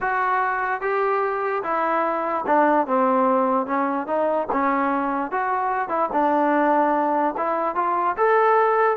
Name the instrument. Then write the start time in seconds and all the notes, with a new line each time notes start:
trombone
0.01 F#4
0.81 G4
1.63 E4
2.46 D4
2.86 C4
3.66 C#4
4.06 D#4
4.52 C#4
5.31 F#4
5.88 E4
6.12 D4
7.37 E4
7.75 F4
8.17 A4